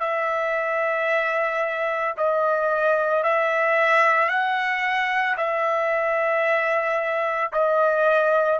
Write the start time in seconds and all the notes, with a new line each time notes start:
0.00 E5
2.17 D#5
3.23 E5
4.29 F#5
5.37 E5
7.52 D#5